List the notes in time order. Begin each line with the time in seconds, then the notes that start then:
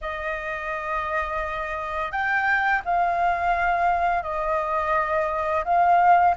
0.01 D#5
2.11 G5
2.84 F5
4.22 D#5
5.64 F5